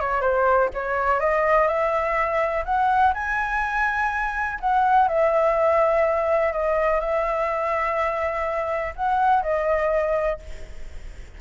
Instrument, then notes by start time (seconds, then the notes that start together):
flute
0.00 C#5
0.21 C5
0.74 C#5
1.20 D#5
1.67 E5
2.65 F#5
3.14 G#5
4.60 F#5
5.08 E5
6.53 D#5
7.00 E5
8.96 F#5
9.42 D#5